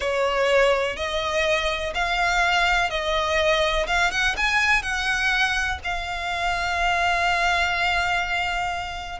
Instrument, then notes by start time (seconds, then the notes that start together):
violin
0.00 C#5
0.96 D#5
1.94 F5
2.89 D#5
3.86 F5
4.11 F#5
4.37 G#5
4.82 F#5
5.84 F5